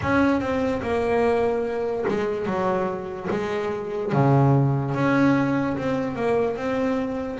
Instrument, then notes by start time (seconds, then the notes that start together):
double bass
0.02 C#4
0.40 C4
0.81 A#3
2.08 G#3
2.45 F#3
3.30 G#3
4.12 C#3
4.94 C#4
5.77 C4
6.15 A#3
6.56 C4